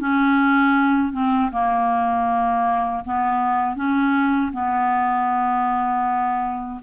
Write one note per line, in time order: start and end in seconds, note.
0.00 1.13 C#4
1.13 1.51 C4
1.52 3.04 A#3
3.05 3.76 B3
3.76 4.52 C#4
4.53 6.81 B3